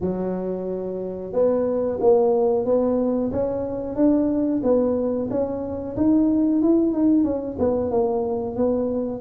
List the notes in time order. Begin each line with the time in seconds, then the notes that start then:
0.01 F#3
1.32 B3
2.00 A#3
2.65 B3
3.31 C#4
3.95 D4
4.63 B3
5.30 C#4
5.96 D#4
6.61 E4
6.92 D#4
7.24 C#4
7.58 B3
7.91 A#3
8.56 B3